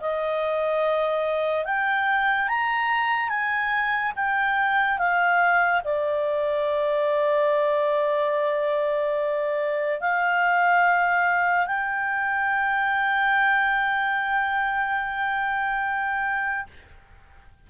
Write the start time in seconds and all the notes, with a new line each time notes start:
0.00 D#5
1.65 G5
2.48 A#5
3.29 G#5
4.16 G5
4.98 F5
5.84 D5
10.00 F5
11.67 G5